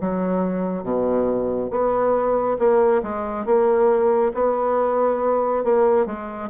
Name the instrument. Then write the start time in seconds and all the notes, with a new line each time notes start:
bassoon
0.00 F#3
0.83 B2
1.70 B3
2.58 A#3
3.03 G#3
3.45 A#3
4.34 B3
5.64 A#3
6.06 G#3